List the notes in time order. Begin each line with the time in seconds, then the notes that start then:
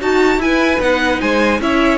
0.00 D#4 F#4 A5
0.38 E4 B4 G#5
0.81 B3 D#4 F#5
1.21 G#3 C5 G#5
1.60 C#4 E4 C#5 E5